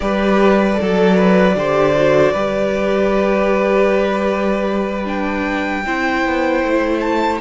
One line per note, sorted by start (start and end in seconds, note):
0.00 0.78 G3
0.00 0.73 G4
0.00 0.80 B4
0.00 5.06 D5
0.73 1.51 A4
0.80 1.55 F#3
0.80 1.16 A4
1.16 1.55 B4
1.55 2.33 D3
1.55 1.95 G4
1.55 2.32 C5
1.96 2.35 F#4
2.32 5.85 G3
2.32 5.05 G4
2.32 5.83 B4
5.05 5.82 D4
5.05 7.00 G5
5.86 6.25 C4
5.86 7.40 E4
5.86 7.40 C5
6.25 6.62 B3
6.62 7.40 A3
7.00 7.38 A5